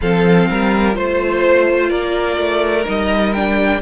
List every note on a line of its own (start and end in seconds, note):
0.01 0.49 F3
0.01 0.92 C4
0.01 0.49 A4
0.01 0.95 F5
0.49 0.96 G3
0.49 0.96 A#4
0.92 1.91 A3
0.92 2.83 F4
0.92 1.89 C5
0.92 1.90 C5
1.89 2.37 A#3
1.89 3.81 A#4
1.89 2.85 D5
2.37 2.85 A3
2.84 3.81 G3
2.84 3.32 D#4
2.84 3.33 D#5
3.33 3.81 D4
3.33 3.80 G5